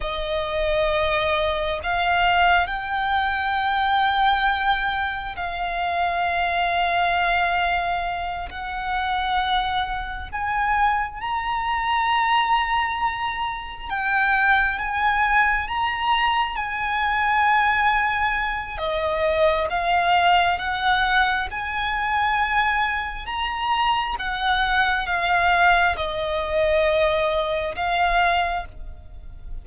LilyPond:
\new Staff \with { instrumentName = "violin" } { \time 4/4 \tempo 4 = 67 dis''2 f''4 g''4~ | g''2 f''2~ | f''4. fis''2 gis''8~ | gis''8 ais''2. g''8~ |
g''8 gis''4 ais''4 gis''4.~ | gis''4 dis''4 f''4 fis''4 | gis''2 ais''4 fis''4 | f''4 dis''2 f''4 | }